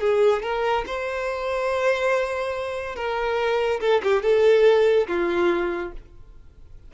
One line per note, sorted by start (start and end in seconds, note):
0.00 0.42 G#4
0.42 0.84 A#4
0.86 2.95 C5
2.95 3.80 A#4
3.80 4.01 A4
4.03 4.22 G4
4.22 5.07 A4
5.07 5.92 F4